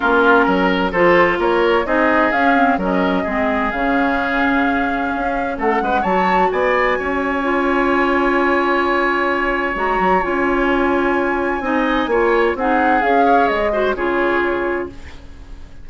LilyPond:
<<
  \new Staff \with { instrumentName = "flute" } { \time 4/4 \tempo 4 = 129 ais'2 c''4 cis''4 | dis''4 f''4 dis''2 | f''1 | fis''4 a''4 gis''2~ |
gis''1~ | gis''4 ais''4 gis''2~ | gis''2. fis''4 | f''4 dis''4 cis''2 | }
  \new Staff \with { instrumentName = "oboe" } { \time 4/4 f'4 ais'4 a'4 ais'4 | gis'2 ais'4 gis'4~ | gis'1 | a'8 b'8 cis''4 d''4 cis''4~ |
cis''1~ | cis''1~ | cis''4 dis''4 cis''4 gis'4~ | gis'8 cis''4 c''8 gis'2 | }
  \new Staff \with { instrumentName = "clarinet" } { \time 4/4 cis'2 f'2 | dis'4 cis'8 c'8 cis'4 c'4 | cis'1~ | cis'4 fis'2. |
f'1~ | f'4 fis'4 f'2~ | f'4 dis'4 f'4 dis'4 | gis'4. fis'8 f'2 | }
  \new Staff \with { instrumentName = "bassoon" } { \time 4/4 ais4 fis4 f4 ais4 | c'4 cis'4 fis4 gis4 | cis2. cis'4 | a8 gis8 fis4 b4 cis'4~ |
cis'1~ | cis'4 gis8 fis8 cis'2~ | cis'4 c'4 ais4 c'4 | cis'4 gis4 cis2 | }
>>